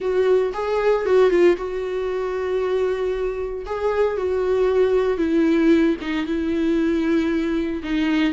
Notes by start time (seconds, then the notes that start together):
0.00 F#4
0.53 G#4
1.05 F#4
1.30 F4
1.57 F#4
3.65 G#4
4.17 F#4
5.17 E4
6.01 D#4
6.26 E4
7.83 D#4